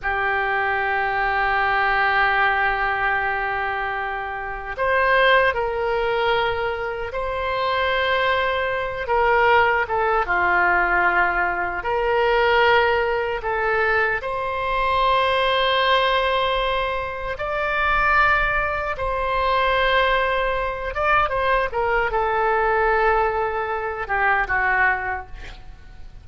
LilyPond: \new Staff \with { instrumentName = "oboe" } { \time 4/4 \tempo 4 = 76 g'1~ | g'2 c''4 ais'4~ | ais'4 c''2~ c''8 ais'8~ | ais'8 a'8 f'2 ais'4~ |
ais'4 a'4 c''2~ | c''2 d''2 | c''2~ c''8 d''8 c''8 ais'8 | a'2~ a'8 g'8 fis'4 | }